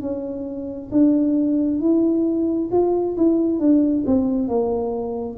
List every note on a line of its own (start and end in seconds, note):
0.00 0.90 C#4
0.91 1.80 D4
1.80 2.69 E4
2.71 3.15 F4
3.17 3.59 E4
3.59 4.04 D4
4.06 4.48 C4
4.48 5.37 A#3